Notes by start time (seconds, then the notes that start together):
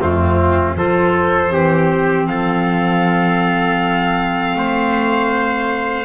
0.00 F2 A3 C4 F4
0.76 F3 F4 A4 C5
1.49 E3 C4 G4
2.26 F3 A4 F5
4.55 A3 C5